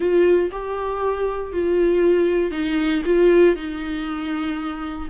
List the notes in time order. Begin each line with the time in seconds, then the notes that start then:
0.00 F4
0.51 G4
1.53 F4
2.51 D#4
3.05 F4
3.55 D#4